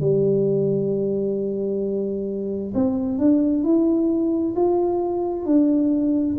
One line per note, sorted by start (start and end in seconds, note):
0.00 2.73 G3
2.74 3.18 C4
3.18 3.63 D4
3.63 4.54 E4
4.55 5.45 F4
5.45 6.36 D4